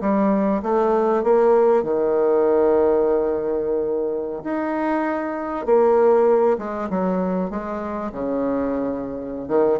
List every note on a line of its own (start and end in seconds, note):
0.00 0.61 G3
0.62 1.23 A3
1.23 1.83 A#3
1.83 4.43 D#3
4.43 5.65 D#4
5.65 6.57 A#3
6.58 6.88 G#3
6.89 7.50 F#3
7.50 8.11 G#3
8.12 9.48 C#3
9.48 9.78 D#3